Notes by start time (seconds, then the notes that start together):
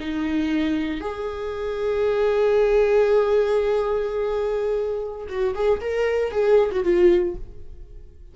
0.00 D#4
1.01 G#4
5.29 F#4
5.55 G#4
5.81 A#4
6.32 G#4
6.72 F#4
6.84 F4